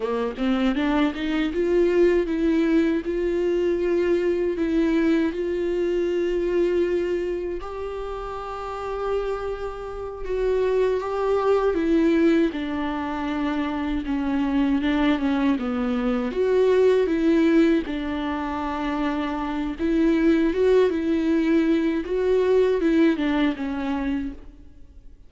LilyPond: \new Staff \with { instrumentName = "viola" } { \time 4/4 \tempo 4 = 79 ais8 c'8 d'8 dis'8 f'4 e'4 | f'2 e'4 f'4~ | f'2 g'2~ | g'4. fis'4 g'4 e'8~ |
e'8 d'2 cis'4 d'8 | cis'8 b4 fis'4 e'4 d'8~ | d'2 e'4 fis'8 e'8~ | e'4 fis'4 e'8 d'8 cis'4 | }